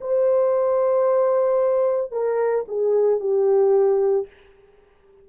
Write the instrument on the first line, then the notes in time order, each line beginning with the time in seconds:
horn
0.00 C5
2.11 A#4
2.67 G#4
3.19 G4